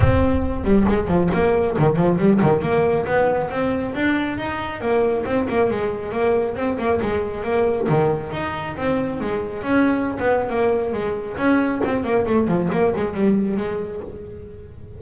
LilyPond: \new Staff \with { instrumentName = "double bass" } { \time 4/4 \tempo 4 = 137 c'4. g8 gis8 f8 ais4 | dis8 f8 g8 dis8 ais4 b4 | c'4 d'4 dis'4 ais4 | c'8 ais8 gis4 ais4 c'8 ais8 |
gis4 ais4 dis4 dis'4 | c'4 gis4 cis'4~ cis'16 b8. | ais4 gis4 cis'4 c'8 ais8 | a8 f8 ais8 gis8 g4 gis4 | }